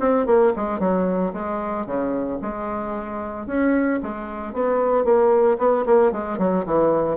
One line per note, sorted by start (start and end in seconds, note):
0.00 0.26 C4
0.26 0.53 A#3
0.56 0.80 G#3
0.80 1.33 F#3
1.33 1.86 G#3
1.86 2.39 C#3
2.42 3.47 G#3
3.47 4.00 C#4
4.03 4.53 G#3
4.53 5.05 B3
5.05 5.58 A#3
5.58 5.85 B3
5.86 6.12 A#3
6.12 6.39 G#3
6.39 6.65 F#3
6.66 7.18 E3